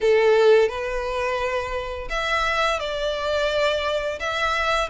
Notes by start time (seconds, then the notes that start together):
0.00 A4
0.68 B4
2.09 E5
2.79 D5
4.19 E5